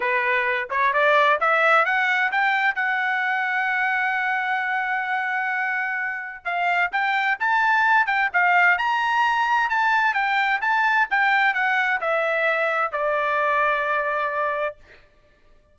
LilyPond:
\new Staff \with { instrumentName = "trumpet" } { \time 4/4 \tempo 4 = 130 b'4. cis''8 d''4 e''4 | fis''4 g''4 fis''2~ | fis''1~ | fis''2 f''4 g''4 |
a''4. g''8 f''4 ais''4~ | ais''4 a''4 g''4 a''4 | g''4 fis''4 e''2 | d''1 | }